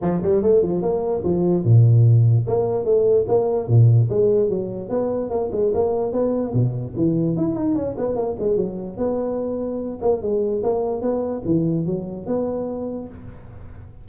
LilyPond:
\new Staff \with { instrumentName = "tuba" } { \time 4/4 \tempo 4 = 147 f8 g8 a8 f8 ais4 f4 | ais,2 ais4 a4 | ais4 ais,4 gis4 fis4 | b4 ais8 gis8 ais4 b4 |
b,4 e4 e'8 dis'8 cis'8 b8 | ais8 gis8 fis4 b2~ | b8 ais8 gis4 ais4 b4 | e4 fis4 b2 | }